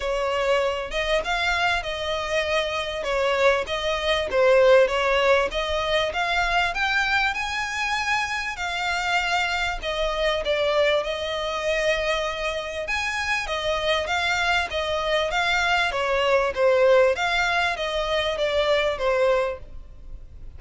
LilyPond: \new Staff \with { instrumentName = "violin" } { \time 4/4 \tempo 4 = 98 cis''4. dis''8 f''4 dis''4~ | dis''4 cis''4 dis''4 c''4 | cis''4 dis''4 f''4 g''4 | gis''2 f''2 |
dis''4 d''4 dis''2~ | dis''4 gis''4 dis''4 f''4 | dis''4 f''4 cis''4 c''4 | f''4 dis''4 d''4 c''4 | }